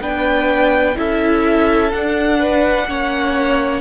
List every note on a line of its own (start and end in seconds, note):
0.00 0.95 B3
0.00 0.95 D4
0.00 0.97 B4
0.00 0.97 G5
0.95 1.92 C#4
0.95 1.90 E4
0.95 2.39 A4
0.95 1.91 E5
1.91 2.87 D4
1.91 2.88 D4
1.91 3.80 F#5
2.39 2.86 B4
2.87 3.80 A#3
2.87 3.80 C#4
2.87 3.80 C#5